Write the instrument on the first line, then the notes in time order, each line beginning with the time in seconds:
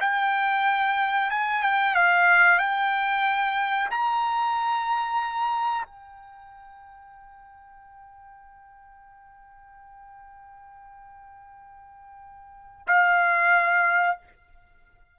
trumpet
0.00 G5
1.30 G#5
1.62 G5
1.94 F5
2.58 G5
3.90 A#5
5.85 G5
12.87 F5